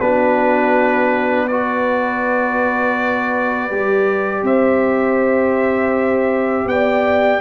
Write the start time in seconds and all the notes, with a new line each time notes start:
0.00 B3 D4 F#4 B4
1.48 F#4 B4 D5
3.70 G3 G4
4.42 C4 C5 E5
6.65 B3 D5 G5